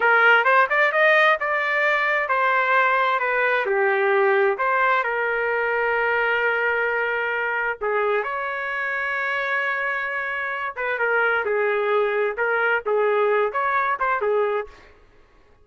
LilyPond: \new Staff \with { instrumentName = "trumpet" } { \time 4/4 \tempo 4 = 131 ais'4 c''8 d''8 dis''4 d''4~ | d''4 c''2 b'4 | g'2 c''4 ais'4~ | ais'1~ |
ais'4 gis'4 cis''2~ | cis''2.~ cis''8 b'8 | ais'4 gis'2 ais'4 | gis'4. cis''4 c''8 gis'4 | }